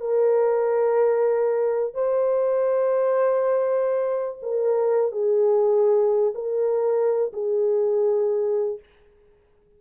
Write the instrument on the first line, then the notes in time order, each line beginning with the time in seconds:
horn
0.00 A#4
1.94 C5
4.42 A#4
5.12 G#4
6.35 A#4
7.33 G#4